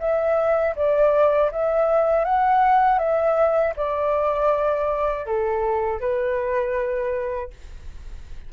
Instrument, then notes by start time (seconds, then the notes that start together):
flute
0.00 E5
0.76 D5
1.52 E5
2.25 F#5
2.99 E5
3.76 D5
5.26 A4
6.00 B4